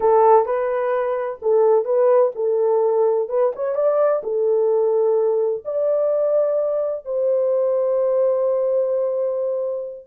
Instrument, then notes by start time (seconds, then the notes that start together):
horn
0.00 A4
0.45 B4
1.41 A4
1.84 B4
2.35 A4
3.28 B4
3.55 C#5
3.75 D5
4.23 A4
5.64 D5
7.05 C5